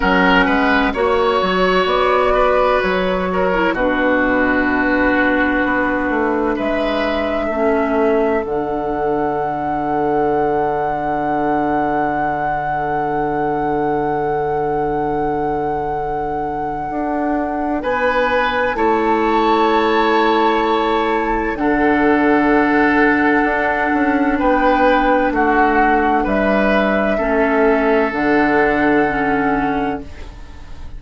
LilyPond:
<<
  \new Staff \with { instrumentName = "flute" } { \time 4/4 \tempo 4 = 64 fis''4 cis''4 d''4 cis''4 | b'2. e''4~ | e''4 fis''2.~ | fis''1~ |
fis''2. gis''4 | a''2. fis''4~ | fis''2 g''4 fis''4 | e''2 fis''2 | }
  \new Staff \with { instrumentName = "oboe" } { \time 4/4 ais'8 b'8 cis''4. b'4 ais'8 | fis'2. b'4 | a'1~ | a'1~ |
a'2. b'4 | cis''2. a'4~ | a'2 b'4 fis'4 | b'4 a'2. | }
  \new Staff \with { instrumentName = "clarinet" } { \time 4/4 cis'4 fis'2~ fis'8. e'16 | d'1 | cis'4 d'2.~ | d'1~ |
d'1 | e'2. d'4~ | d'1~ | d'4 cis'4 d'4 cis'4 | }
  \new Staff \with { instrumentName = "bassoon" } { \time 4/4 fis8 gis8 ais8 fis8 b4 fis4 | b,2 b8 a8 gis4 | a4 d2.~ | d1~ |
d2 d'4 b4 | a2. d4~ | d4 d'8 cis'8 b4 a4 | g4 a4 d2 | }
>>